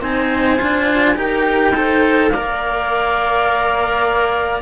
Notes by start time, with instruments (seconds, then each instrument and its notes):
0.00 cello C4 D#4, viola C5, clarinet G#5
0.57 cello D4 F4
1.15 cello D#4 G4, viola A#4, clarinet G5
1.74 cello A4, viola C5
2.29 cello A#3, viola D5, clarinet F5
2.35 cello A#4